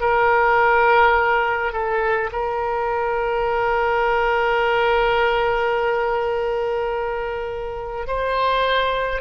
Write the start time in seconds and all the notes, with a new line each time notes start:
0.00 A#4
1.72 A4
2.32 A#4
8.07 C5